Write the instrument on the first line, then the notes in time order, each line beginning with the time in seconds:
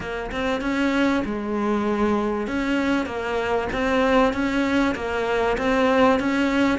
cello
0.00 A#3
0.31 C4
0.61 C#4
1.25 G#3
2.47 C#4
3.06 A#3
3.72 C4
4.33 C#4
4.95 A#3
5.57 C4
6.19 C#4